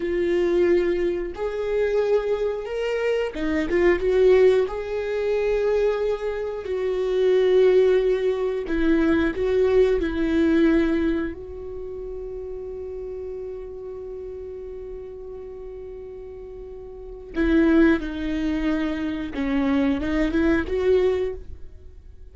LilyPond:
\new Staff \with { instrumentName = "viola" } { \time 4/4 \tempo 4 = 90 f'2 gis'2 | ais'4 dis'8 f'8 fis'4 gis'4~ | gis'2 fis'2~ | fis'4 e'4 fis'4 e'4~ |
e'4 fis'2.~ | fis'1~ | fis'2 e'4 dis'4~ | dis'4 cis'4 dis'8 e'8 fis'4 | }